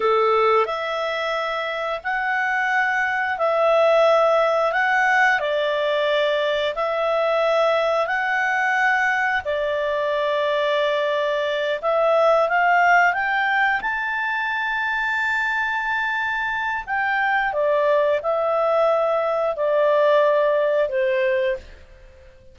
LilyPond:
\new Staff \with { instrumentName = "clarinet" } { \time 4/4 \tempo 4 = 89 a'4 e''2 fis''4~ | fis''4 e''2 fis''4 | d''2 e''2 | fis''2 d''2~ |
d''4. e''4 f''4 g''8~ | g''8 a''2.~ a''8~ | a''4 g''4 d''4 e''4~ | e''4 d''2 c''4 | }